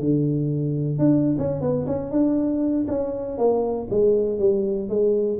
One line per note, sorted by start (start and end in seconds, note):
0.00 0.99 D3
0.99 1.36 D4
1.38 1.61 C#4
1.61 1.86 B3
1.87 2.11 C#4
2.11 2.86 D4
2.88 3.38 C#4
3.38 3.88 A#3
3.90 4.39 G#3
4.39 4.89 G3
4.89 5.39 G#3